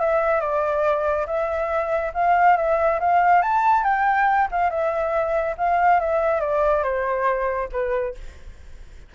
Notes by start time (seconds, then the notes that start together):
0.00 E5
0.40 D5
1.26 E5
2.14 F5
2.57 E5
3.00 F5
3.42 A5
3.84 G5
4.51 F5
4.70 E5
5.57 F5
6.00 E5
6.40 D5
6.83 C5
7.72 B4